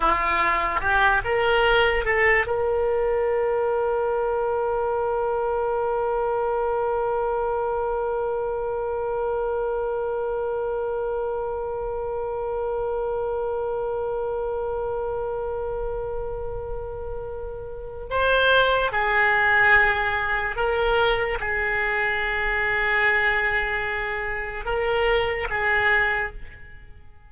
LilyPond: \new Staff \with { instrumentName = "oboe" } { \time 4/4 \tempo 4 = 73 f'4 g'8 ais'4 a'8 ais'4~ | ais'1~ | ais'1~ | ais'1~ |
ais'1~ | ais'2 c''4 gis'4~ | gis'4 ais'4 gis'2~ | gis'2 ais'4 gis'4 | }